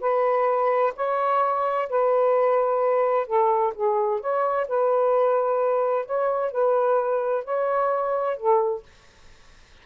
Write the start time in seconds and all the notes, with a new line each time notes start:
0.00 B4
0.96 C#5
1.89 B4
3.26 A4
3.74 G#4
4.20 C#5
4.68 B4
6.05 C#5
6.51 B4
7.44 C#5
8.37 A4